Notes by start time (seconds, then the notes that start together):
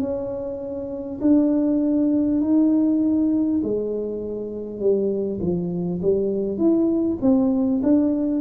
0.00 C#4
1.21 D4
2.41 D#4
3.64 G#3
4.80 G3
5.41 F3
6.02 G3
6.58 E4
7.22 C4
7.83 D4